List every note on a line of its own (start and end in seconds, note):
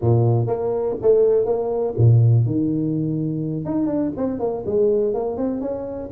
0.01 0.47 A#2
0.47 0.95 A#3
1.02 1.45 A3
1.45 1.94 A#3
1.97 2.46 A#2
2.46 3.65 D#3
3.65 3.86 D#4
3.86 4.11 D4
4.16 4.39 C4
4.39 4.64 A#3
4.66 5.14 G#3
5.14 5.37 A#3
5.37 5.61 C4
5.61 6.09 C#4